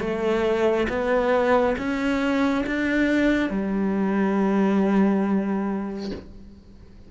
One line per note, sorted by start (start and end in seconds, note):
0.00 0.87 A3
0.89 1.75 B3
1.77 2.64 C#4
2.66 3.50 D4
3.50 6.11 G3